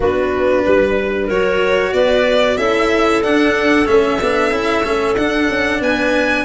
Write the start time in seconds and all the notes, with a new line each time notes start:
0.00 B3 D4 F#4 B4
0.63 G3 B4
1.26 F#3 F#4 A#4 C#5
1.93 B3 B4 D5
2.57 C#4 E4 A4 E5
3.22 D4 F#5
3.85 A3 C#4 E5
4.22 B3 D4
4.50 C#4 E4
4.83 A3 C#4
5.17 D4 F#5
5.50 C#4
5.80 B3 B4 G#5